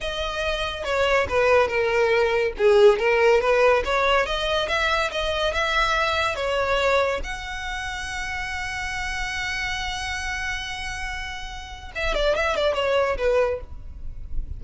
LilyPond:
\new Staff \with { instrumentName = "violin" } { \time 4/4 \tempo 4 = 141 dis''2 cis''4 b'4 | ais'2 gis'4 ais'4 | b'4 cis''4 dis''4 e''4 | dis''4 e''2 cis''4~ |
cis''4 fis''2.~ | fis''1~ | fis''1 | e''8 d''8 e''8 d''8 cis''4 b'4 | }